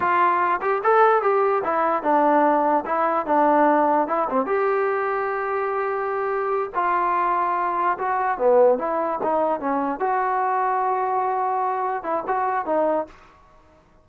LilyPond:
\new Staff \with { instrumentName = "trombone" } { \time 4/4 \tempo 4 = 147 f'4. g'8 a'4 g'4 | e'4 d'2 e'4 | d'2 e'8 c'8 g'4~ | g'1~ |
g'8 f'2. fis'8~ | fis'8 b4 e'4 dis'4 cis'8~ | cis'8 fis'2.~ fis'8~ | fis'4. e'8 fis'4 dis'4 | }